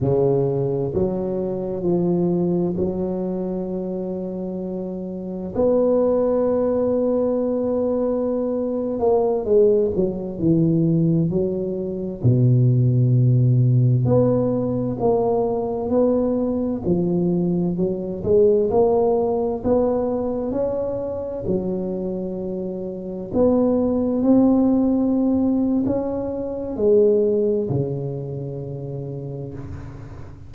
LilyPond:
\new Staff \with { instrumentName = "tuba" } { \time 4/4 \tempo 4 = 65 cis4 fis4 f4 fis4~ | fis2 b2~ | b4.~ b16 ais8 gis8 fis8 e8.~ | e16 fis4 b,2 b8.~ |
b16 ais4 b4 f4 fis8 gis16~ | gis16 ais4 b4 cis'4 fis8.~ | fis4~ fis16 b4 c'4.~ c'16 | cis'4 gis4 cis2 | }